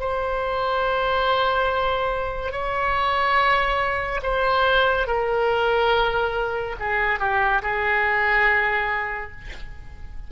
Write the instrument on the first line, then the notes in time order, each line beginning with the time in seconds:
oboe
0.00 C5
2.52 C#5
4.23 C5
5.07 A#4
6.80 G#4
7.20 G4
7.62 G#4